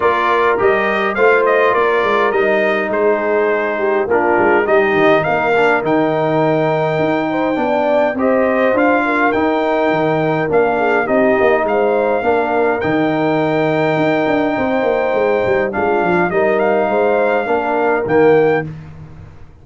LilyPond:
<<
  \new Staff \with { instrumentName = "trumpet" } { \time 4/4 \tempo 4 = 103 d''4 dis''4 f''8 dis''8 d''4 | dis''4 c''2 ais'4 | dis''4 f''4 g''2~ | g''2 dis''4 f''4 |
g''2 f''4 dis''4 | f''2 g''2~ | g''2. f''4 | dis''8 f''2~ f''8 g''4 | }
  \new Staff \with { instrumentName = "horn" } { \time 4/4 ais'2 c''4 ais'4~ | ais'4 gis'4. g'8 f'4 | g'4 ais'2.~ | ais'8 c''8 d''4 c''4. ais'8~ |
ais'2~ ais'8 gis'8 g'4 | c''4 ais'2.~ | ais'4 c''2 f'4 | ais'4 c''4 ais'2 | }
  \new Staff \with { instrumentName = "trombone" } { \time 4/4 f'4 g'4 f'2 | dis'2. d'4 | dis'4. d'8 dis'2~ | dis'4 d'4 g'4 f'4 |
dis'2 d'4 dis'4~ | dis'4 d'4 dis'2~ | dis'2. d'4 | dis'2 d'4 ais4 | }
  \new Staff \with { instrumentName = "tuba" } { \time 4/4 ais4 g4 a4 ais8 gis8 | g4 gis2 ais8 gis8 | g8 dis8 ais4 dis2 | dis'4 b4 c'4 d'4 |
dis'4 dis4 ais4 c'8 ais8 | gis4 ais4 dis2 | dis'8 d'8 c'8 ais8 gis8 g8 gis8 f8 | g4 gis4 ais4 dis4 | }
>>